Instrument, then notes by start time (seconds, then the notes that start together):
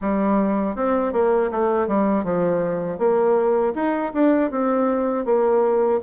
bassoon
0.01 G3
0.75 C4
1.12 A#3
1.51 A3
1.87 G3
2.24 F3
2.98 A#3
3.75 D#4
4.13 D4
4.50 C4
5.25 A#3